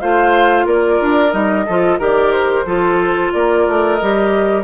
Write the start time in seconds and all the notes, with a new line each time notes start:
0.00 A3 F4 C5 F5
0.65 A#3 A#4 D5
1.01 D4
1.30 G3 D#4 D#5
1.66 F3 F4 A4
1.98 D#3 G4 A#4 D5
2.32 C5
2.65 F3 F4 A4
3.32 A#3 A#4 D5
3.67 A3
3.95 D#5
4.01 G3 G4